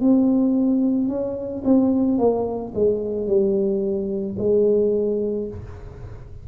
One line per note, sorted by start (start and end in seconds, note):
0.00 1.08 C4
1.08 1.63 C#4
1.64 2.18 C4
2.18 2.72 A#3
2.74 3.27 G#3
3.27 4.36 G3
4.38 5.47 G#3